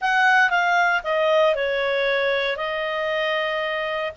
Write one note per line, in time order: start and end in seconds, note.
0.01 0.50 F#5
0.50 1.01 F5
1.03 1.55 D#5
1.55 2.56 C#5
2.56 4.11 D#5